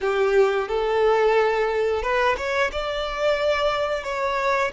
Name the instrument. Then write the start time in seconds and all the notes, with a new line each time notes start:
violin
0.01 G4
0.68 A4
2.02 B4
2.37 C#5
2.72 D5
4.03 C#5